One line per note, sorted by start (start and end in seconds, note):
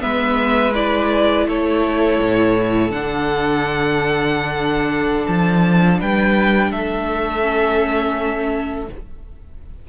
0.00 1.48 G#3
0.00 0.72 B3
0.00 1.47 B4
0.00 0.74 E5
0.74 2.92 E4
0.74 1.47 D5
1.48 2.20 A3
1.48 6.00 A4
1.48 2.92 C#5
2.21 2.91 A2
2.91 5.26 D3
2.91 7.42 D4
2.91 5.27 F#5
5.27 6.01 F3
5.27 6.00 A5
6.00 6.72 G3
6.00 6.71 B4
6.00 6.72 G5
6.71 8.89 A3
6.71 8.88 A4
6.71 8.89 E5
7.42 8.87 C#4